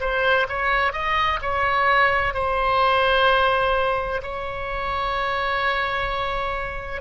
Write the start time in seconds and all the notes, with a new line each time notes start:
0.00 C5
0.49 C#5
0.92 D#5
1.42 C#5
2.34 C5
4.22 C#5